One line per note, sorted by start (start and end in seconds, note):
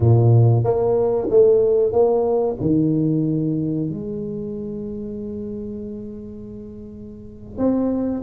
0.00 0.64 A#2
0.64 1.28 A#3
1.30 1.92 A3
1.92 2.56 A#3
2.60 3.89 D#3
3.89 7.57 G#3
7.57 8.22 C4